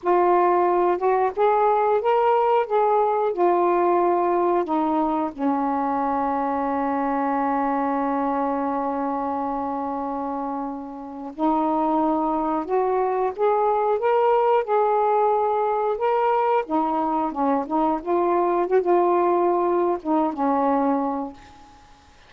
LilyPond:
\new Staff \with { instrumentName = "saxophone" } { \time 4/4 \tempo 4 = 90 f'4. fis'8 gis'4 ais'4 | gis'4 f'2 dis'4 | cis'1~ | cis'1~ |
cis'4 dis'2 fis'4 | gis'4 ais'4 gis'2 | ais'4 dis'4 cis'8 dis'8 f'4 | fis'16 f'4.~ f'16 dis'8 cis'4. | }